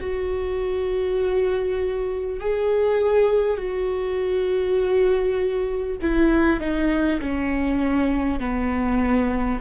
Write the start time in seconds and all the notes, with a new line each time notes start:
0.00 F#4
2.40 G#4
3.57 F#4
6.01 E4
6.60 D#4
7.20 C#4
8.39 B3